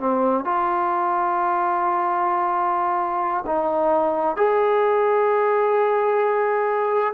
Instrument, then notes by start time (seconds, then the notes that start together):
trombone
0.00 C4
0.45 F4
3.47 D#4
4.37 G#4